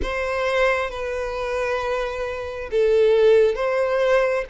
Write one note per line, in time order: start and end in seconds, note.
0.02 0.90 C5
0.90 2.69 B4
2.71 3.55 A4
3.55 4.44 C5